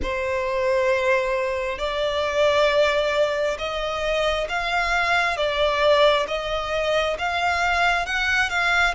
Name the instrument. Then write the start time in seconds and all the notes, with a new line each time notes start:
violin
0.02 C5
1.78 D5
3.58 D#5
4.49 F5
5.36 D5
6.27 D#5
7.18 F5
8.06 F#5
8.49 F5